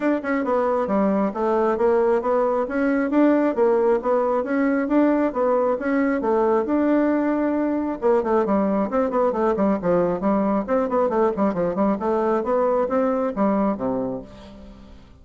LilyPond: \new Staff \with { instrumentName = "bassoon" } { \time 4/4 \tempo 4 = 135 d'8 cis'8 b4 g4 a4 | ais4 b4 cis'4 d'4 | ais4 b4 cis'4 d'4 | b4 cis'4 a4 d'4~ |
d'2 ais8 a8 g4 | c'8 b8 a8 g8 f4 g4 | c'8 b8 a8 g8 f8 g8 a4 | b4 c'4 g4 c4 | }